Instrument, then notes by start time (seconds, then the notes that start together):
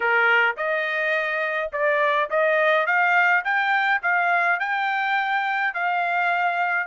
trumpet
0.00 A#4
0.56 D#5
1.72 D5
2.30 D#5
2.86 F5
3.44 G5
4.02 F5
4.59 G5
5.74 F5